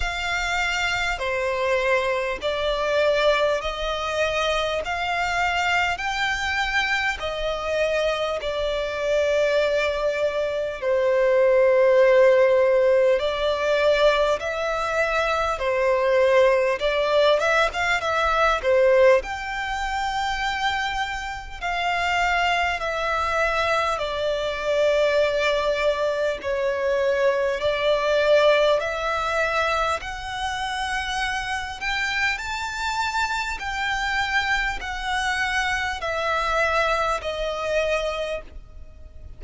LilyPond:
\new Staff \with { instrumentName = "violin" } { \time 4/4 \tempo 4 = 50 f''4 c''4 d''4 dis''4 | f''4 g''4 dis''4 d''4~ | d''4 c''2 d''4 | e''4 c''4 d''8 e''16 f''16 e''8 c''8 |
g''2 f''4 e''4 | d''2 cis''4 d''4 | e''4 fis''4. g''8 a''4 | g''4 fis''4 e''4 dis''4 | }